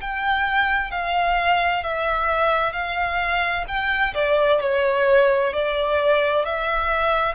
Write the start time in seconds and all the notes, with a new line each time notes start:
0.00 G5
0.91 F5
1.83 E5
2.72 F5
3.67 G5
4.14 D5
4.60 C#5
5.53 D5
6.44 E5